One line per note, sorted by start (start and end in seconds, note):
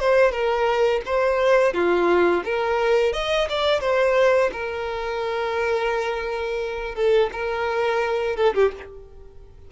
0.00 0.32 C5
0.32 1.01 A#4
1.06 1.74 C5
1.74 2.44 F4
2.45 3.13 A#4
3.13 3.48 D#5
3.49 3.81 D5
3.81 4.51 C5
4.53 6.95 A#4
6.95 7.30 A4
7.33 8.37 A#4
8.37 8.54 A4
8.54 8.72 G4